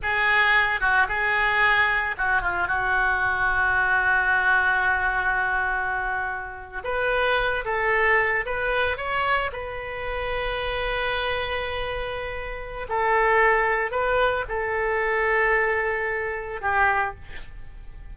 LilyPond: \new Staff \with { instrumentName = "oboe" } { \time 4/4 \tempo 4 = 112 gis'4. fis'8 gis'2 | fis'8 f'8 fis'2.~ | fis'1~ | fis'8. b'4. a'4. b'16~ |
b'8. cis''4 b'2~ b'16~ | b'1 | a'2 b'4 a'4~ | a'2. g'4 | }